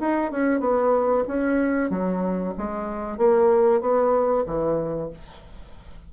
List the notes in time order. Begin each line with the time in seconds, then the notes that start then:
0.00 D#4
0.31 C#4
0.60 B3
1.28 C#4
1.90 F#3
2.58 G#3
3.17 A#3
3.81 B3
4.46 E3